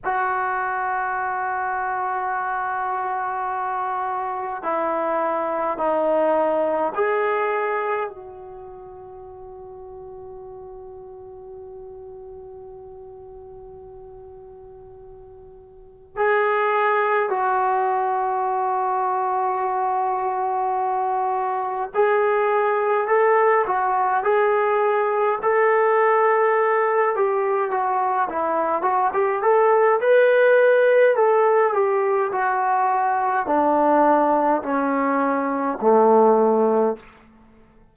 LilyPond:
\new Staff \with { instrumentName = "trombone" } { \time 4/4 \tempo 4 = 52 fis'1 | e'4 dis'4 gis'4 fis'4~ | fis'1~ | fis'2 gis'4 fis'4~ |
fis'2. gis'4 | a'8 fis'8 gis'4 a'4. g'8 | fis'8 e'8 fis'16 g'16 a'8 b'4 a'8 g'8 | fis'4 d'4 cis'4 a4 | }